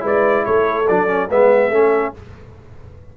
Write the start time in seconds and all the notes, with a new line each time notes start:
0.00 G#3 E4 B4 D5
0.44 A3 A4 C#5
0.87 F#3 D4 D5
1.07 C#4
1.29 G#3 B3 B4 E5
1.70 A3 C#4 A4